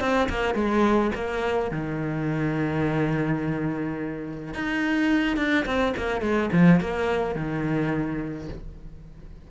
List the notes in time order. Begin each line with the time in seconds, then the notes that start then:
0.00 C4
0.29 A#3
0.55 G#3
1.15 A#3
1.71 D#3
4.54 D#4
5.37 D4
5.66 C4
5.97 A#3
6.21 G#3
6.52 F3
6.81 A#3
7.35 D#3